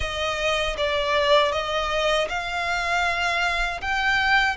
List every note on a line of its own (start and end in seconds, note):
0.00 0.76 D#5
0.77 1.52 D5
1.52 2.28 D#5
2.28 3.80 F5
3.81 4.56 G5